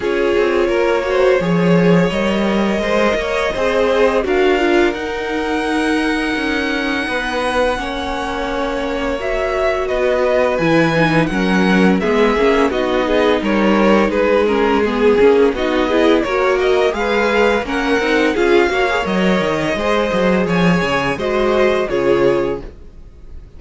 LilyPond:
<<
  \new Staff \with { instrumentName = "violin" } { \time 4/4 \tempo 4 = 85 cis''2. dis''4~ | dis''2 f''4 fis''4~ | fis''1~ | fis''4 e''4 dis''4 gis''4 |
fis''4 e''4 dis''4 cis''4 | b'8 ais'8 gis'4 dis''4 cis''8 dis''8 | f''4 fis''4 f''4 dis''4~ | dis''4 gis''4 dis''4 cis''4 | }
  \new Staff \with { instrumentName = "violin" } { \time 4/4 gis'4 ais'8 c''8 cis''2 | c''8 cis''8 c''4 ais'2~ | ais'2 b'4 cis''4~ | cis''2 b'2 |
ais'4 gis'4 fis'8 gis'8 ais'4 | gis'2 fis'8 gis'8 ais'4 | b'4 ais'4 gis'8 cis''4. | c''4 cis''4 c''4 gis'4 | }
  \new Staff \with { instrumentName = "viola" } { \time 4/4 f'4. fis'8 gis'4 ais'4~ | ais'4 gis'4 fis'8 f'8 dis'4~ | dis'2. cis'4~ | cis'4 fis'2 e'8 dis'8 |
cis'4 b8 cis'8 dis'2~ | dis'8 cis'8 b8 cis'8 dis'8 e'8 fis'4 | gis'4 cis'8 dis'8 f'8 fis'16 gis'16 ais'4 | gis'2 fis'4 f'4 | }
  \new Staff \with { instrumentName = "cello" } { \time 4/4 cis'8 c'8 ais4 f4 g4 | gis8 ais8 c'4 d'4 dis'4~ | dis'4 cis'4 b4 ais4~ | ais2 b4 e4 |
fis4 gis8 ais8 b4 g4 | gis4. ais8 b4 ais4 | gis4 ais8 c'8 cis'8 ais8 fis8 dis8 | gis8 fis8 f8 cis8 gis4 cis4 | }
>>